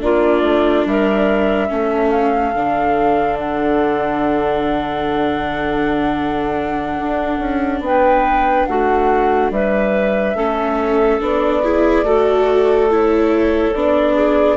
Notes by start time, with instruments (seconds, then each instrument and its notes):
0.00 bassoon A#3, viola D4, clarinet F4, flute D5
0.42 bassoon A3
0.85 bassoon G3, clarinet A#4, flute E5
1.68 bassoon A3, viola C#4, clarinet A4
2.10 flute F5
2.53 bassoon D3, viola D4
3.38 flute F#5
6.98 bassoon D4
7.39 bassoon C#4
7.80 bassoon B3, clarinet B4, flute G5
8.65 bassoon A3, clarinet F#4, flute F#5
9.50 bassoon G3, clarinet B4, flute E5
10.34 bassoon A3, viola C#4, clarinet A4
11.20 bassoon B3, viola D4, flute D5
11.62 viola E4, clarinet G#4
12.03 bassoon A3, viola F#4, clarinet A4
12.89 viola E4, flute C#5
13.73 bassoon B3, viola D4, flute D5
14.14 clarinet G#4